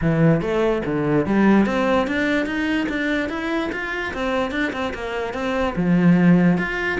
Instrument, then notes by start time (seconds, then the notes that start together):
cello
0.01 E3
0.41 A3
0.85 D3
1.26 G3
1.66 C4
2.07 D4
2.46 D#4
2.88 D4
3.29 E4
3.72 F4
4.13 C4
4.51 D4
4.72 C4
4.93 A#3
5.33 C4
5.76 F3
6.57 F4